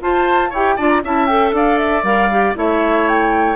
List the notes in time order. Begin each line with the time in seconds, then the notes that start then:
0.00 F4 C5 A5
0.50 E4 G4 C#5 G5
0.76 D4 F4 D5 A5
0.89 A#5
1.03 C#4 E4 E5 A5
1.26 A4 G5
1.52 D4 D5 F5
1.78 E5
2.03 G3 A#4 F5
2.30 G4
2.55 A3 E4 C#5 E5
3.08 G5